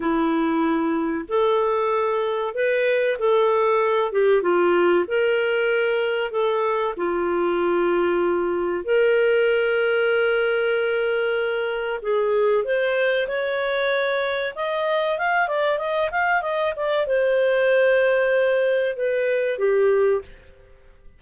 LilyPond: \new Staff \with { instrumentName = "clarinet" } { \time 4/4 \tempo 4 = 95 e'2 a'2 | b'4 a'4. g'8 f'4 | ais'2 a'4 f'4~ | f'2 ais'2~ |
ais'2. gis'4 | c''4 cis''2 dis''4 | f''8 d''8 dis''8 f''8 dis''8 d''8 c''4~ | c''2 b'4 g'4 | }